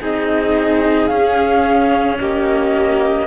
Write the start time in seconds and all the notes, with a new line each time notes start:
0.00 C4 D#4 G#4 D#5
1.07 C#4 F5
2.20 A#3 G4 D#5